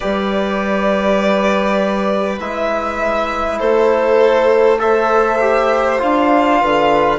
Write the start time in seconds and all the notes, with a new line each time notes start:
0.00 G3 G4 B4 D5
2.39 G#3 E4 E5
3.58 A3 A4 C5
4.79 A4 C5 E5
5.41 G4
5.98 D4 F4 F5
6.61 D3 B4